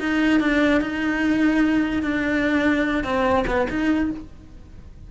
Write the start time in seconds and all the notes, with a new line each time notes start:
0.00 D#4
0.41 D4
0.81 D#4
2.03 D4
3.04 C4
3.47 B3
3.70 D#4